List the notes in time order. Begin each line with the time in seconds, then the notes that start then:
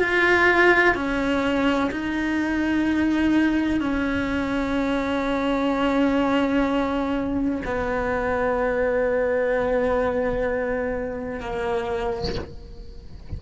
0.00 F4
0.95 C#4
1.91 D#4
3.81 C#4
7.65 B3
11.40 A#3